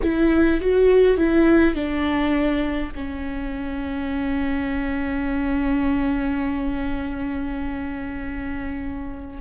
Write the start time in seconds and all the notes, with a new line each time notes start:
0.02 E4
0.60 F#4
1.17 E4
1.74 D4
2.95 C#4